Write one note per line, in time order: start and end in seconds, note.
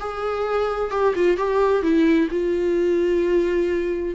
0.00 0.91 G#4
0.91 1.14 G4
1.15 1.37 F4
1.37 1.83 G4
1.83 2.29 E4
2.31 4.15 F4